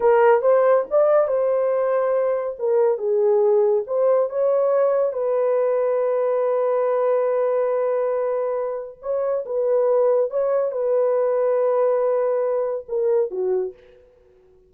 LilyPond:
\new Staff \with { instrumentName = "horn" } { \time 4/4 \tempo 4 = 140 ais'4 c''4 d''4 c''4~ | c''2 ais'4 gis'4~ | gis'4 c''4 cis''2 | b'1~ |
b'1~ | b'4 cis''4 b'2 | cis''4 b'2.~ | b'2 ais'4 fis'4 | }